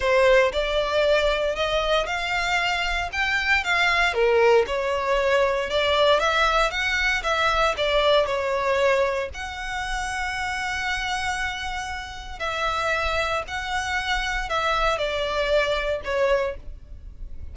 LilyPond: \new Staff \with { instrumentName = "violin" } { \time 4/4 \tempo 4 = 116 c''4 d''2 dis''4 | f''2 g''4 f''4 | ais'4 cis''2 d''4 | e''4 fis''4 e''4 d''4 |
cis''2 fis''2~ | fis''1 | e''2 fis''2 | e''4 d''2 cis''4 | }